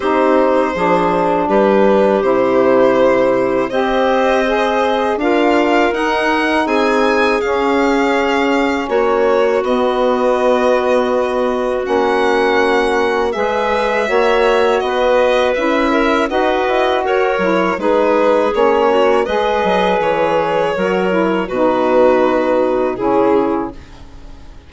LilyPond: <<
  \new Staff \with { instrumentName = "violin" } { \time 4/4 \tempo 4 = 81 c''2 b'4 c''4~ | c''4 dis''2 f''4 | fis''4 gis''4 f''2 | cis''4 dis''2. |
fis''2 e''2 | dis''4 e''4 dis''4 cis''4 | b'4 cis''4 dis''4 cis''4~ | cis''4 b'2 gis'4 | }
  \new Staff \with { instrumentName = "clarinet" } { \time 4/4 g'4 gis'4 g'2~ | g'4 c''2 ais'4~ | ais'4 gis'2. | fis'1~ |
fis'2 b'4 cis''4 | b'4. ais'8 b'4 ais'4 | gis'4. fis'8 b'2 | ais'4 fis'2 e'4 | }
  \new Staff \with { instrumentName = "saxophone" } { \time 4/4 dis'4 d'2 e'4~ | e'4 g'4 gis'4 f'4 | dis'2 cis'2~ | cis'4 b2. |
cis'2 gis'4 fis'4~ | fis'4 e'4 fis'4. e'8 | dis'4 cis'4 gis'2 | fis'8 e'8 dis'2 cis'4 | }
  \new Staff \with { instrumentName = "bassoon" } { \time 4/4 c'4 f4 g4 c4~ | c4 c'2 d'4 | dis'4 c'4 cis'2 | ais4 b2. |
ais2 gis4 ais4 | b4 cis'4 dis'8 e'8 fis'8 fis8 | gis4 ais4 gis8 fis8 e4 | fis4 b,2 cis4 | }
>>